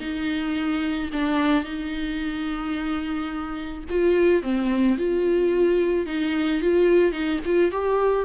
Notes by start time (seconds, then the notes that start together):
0.00 D#4
1.12 D4
1.64 D#4
3.90 F4
4.42 C4
4.98 F4
6.06 D#4
6.61 F4
7.12 D#4
7.45 F4
7.71 G4